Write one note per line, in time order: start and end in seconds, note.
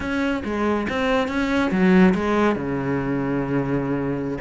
0.00 0.42 C#4
0.44 0.87 G#3
0.89 1.28 C4
1.28 1.70 C#4
1.71 2.14 F#3
2.14 2.55 G#3
2.55 4.38 C#3